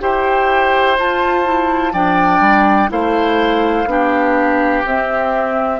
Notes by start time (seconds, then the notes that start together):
0.00 E4 G4 C5 G5
0.97 F4 A5
1.44 E4
1.93 F3 D4 D5 G5
2.39 G3
2.89 A3 E4 C5 F5
3.85 B3 D4 G4
4.85 C4 E5